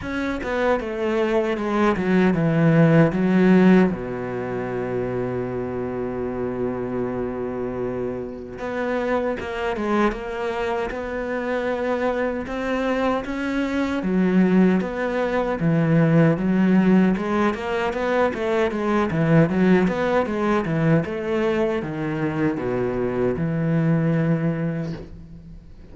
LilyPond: \new Staff \with { instrumentName = "cello" } { \time 4/4 \tempo 4 = 77 cis'8 b8 a4 gis8 fis8 e4 | fis4 b,2.~ | b,2. b4 | ais8 gis8 ais4 b2 |
c'4 cis'4 fis4 b4 | e4 fis4 gis8 ais8 b8 a8 | gis8 e8 fis8 b8 gis8 e8 a4 | dis4 b,4 e2 | }